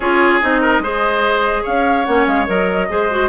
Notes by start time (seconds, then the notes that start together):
0.00 C#4 F4 G#4 C#5
0.41 C4 D#4 D#5
0.61 A#4
0.79 G#3 G#4 C5
1.63 C#4 C#5 F5
2.04 A#3 C#4 F#5
2.26 G#3 F5
2.46 F#3 A#4 D#5
2.89 G#3 G#4 C5
3.10 F#4